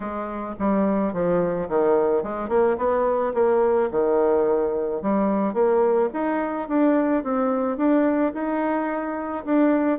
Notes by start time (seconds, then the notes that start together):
0.00 G#3
0.59 G3
1.13 F3
1.68 D#3
2.23 G#3
2.48 A#3
2.77 B3
3.34 A#3
3.91 D#3
5.02 G3
5.53 A#3
6.13 D#4
6.68 D4
7.23 C4
7.77 D4
8.33 D#4
9.45 D4